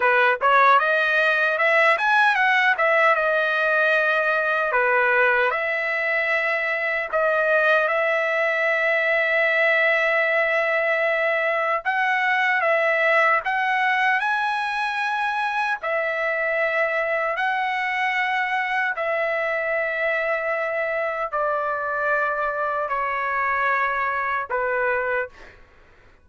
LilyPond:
\new Staff \with { instrumentName = "trumpet" } { \time 4/4 \tempo 4 = 76 b'8 cis''8 dis''4 e''8 gis''8 fis''8 e''8 | dis''2 b'4 e''4~ | e''4 dis''4 e''2~ | e''2. fis''4 |
e''4 fis''4 gis''2 | e''2 fis''2 | e''2. d''4~ | d''4 cis''2 b'4 | }